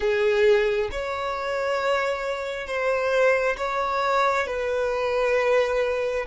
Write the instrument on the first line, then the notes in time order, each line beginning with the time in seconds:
violin
0.00 G#4
0.91 C#5
2.67 C5
3.57 C#5
4.47 B4